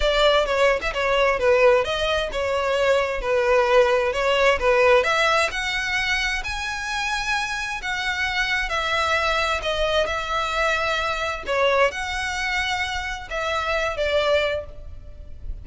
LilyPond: \new Staff \with { instrumentName = "violin" } { \time 4/4 \tempo 4 = 131 d''4 cis''8. e''16 cis''4 b'4 | dis''4 cis''2 b'4~ | b'4 cis''4 b'4 e''4 | fis''2 gis''2~ |
gis''4 fis''2 e''4~ | e''4 dis''4 e''2~ | e''4 cis''4 fis''2~ | fis''4 e''4. d''4. | }